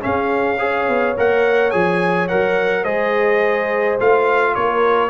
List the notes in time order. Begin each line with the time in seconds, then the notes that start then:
0.00 C#4 G#4 F5
0.58 G#4 C#5
0.88 B3
1.17 A#3 A#4 F#5
1.70 F3 G#4 G#5
2.28 F#3 A#4 F#5
2.82 G#3 G#4 C5 D#5
3.99 A3 F4 F5
4.54 A#3 A#4 C#5